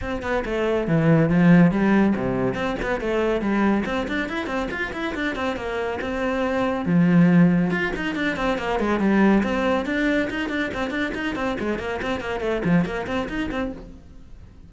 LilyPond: \new Staff \with { instrumentName = "cello" } { \time 4/4 \tempo 4 = 140 c'8 b8 a4 e4 f4 | g4 c4 c'8 b8 a4 | g4 c'8 d'8 e'8 c'8 f'8 e'8 | d'8 c'8 ais4 c'2 |
f2 f'8 dis'8 d'8 c'8 | ais8 gis8 g4 c'4 d'4 | dis'8 d'8 c'8 d'8 dis'8 c'8 gis8 ais8 | c'8 ais8 a8 f8 ais8 c'8 dis'8 c'8 | }